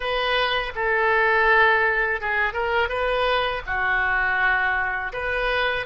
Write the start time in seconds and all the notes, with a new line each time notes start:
0.00 B4
0.75 A4
2.21 G#4
2.53 A#4
2.89 B4
3.66 F#4
5.12 B4